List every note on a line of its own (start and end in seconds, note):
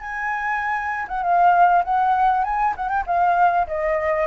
0.00 1.06 G#5
1.07 1.22 F#5
1.22 1.83 F5
1.83 2.44 F#5
2.44 2.74 G#5
2.76 2.88 F#5
2.88 3.04 G5
3.06 3.66 F5
3.67 4.26 D#5